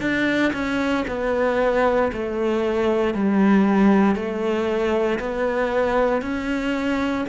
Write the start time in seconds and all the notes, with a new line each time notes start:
0.00 D4
0.53 C#4
1.08 B3
2.13 A3
3.14 G3
4.15 A3
5.19 B3
6.22 C#4